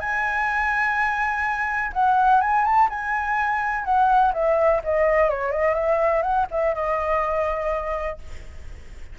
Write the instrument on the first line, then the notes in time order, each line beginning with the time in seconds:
flute
0.00 G#5
1.93 F#5
2.41 G#5
2.65 A5
2.89 G#5
3.85 F#5
4.34 E5
4.84 D#5
5.29 C#5
5.52 D#5
5.74 E5
6.22 F#5
6.51 E5
6.75 D#5